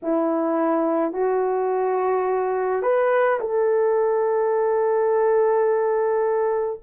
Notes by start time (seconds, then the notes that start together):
0.02 E4
1.12 F#4
2.82 B4
3.40 A4